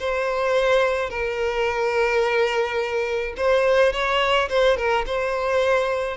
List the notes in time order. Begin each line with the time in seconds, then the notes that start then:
0.00 C5
1.10 A#4
3.37 C5
3.93 C#5
4.50 C5
4.77 A#4
5.07 C5